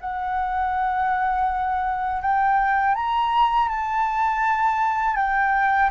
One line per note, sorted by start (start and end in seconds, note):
0.00 2.22 F#5
2.22 2.95 G5
2.95 3.69 A#5
3.69 5.16 A5
5.16 5.90 G5